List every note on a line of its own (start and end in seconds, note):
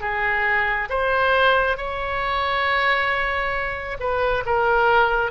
0.00 0.88 G#4
0.89 1.76 C5
1.76 3.97 C#5
3.99 4.44 B4
4.46 5.31 A#4